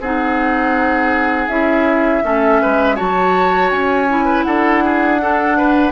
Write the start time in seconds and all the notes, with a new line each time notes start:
0.00 C4 D#4 G#4 F#5
1.49 C#4 E4 E5
2.23 A3 C#4 A4
2.62 G#3 B4
2.96 F#3 F#4 C#5 A5
3.71 C#4 G#5
4.10 E4
4.25 B4
4.44 D4 A4 F#5
4.85 G#4
5.20 D4 A4
5.58 B4